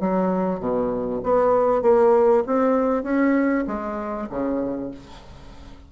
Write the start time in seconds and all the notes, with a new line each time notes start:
0.00 F#3
0.60 B2
1.23 B3
1.82 A#3
2.46 C4
3.03 C#4
3.67 G#3
4.30 C#3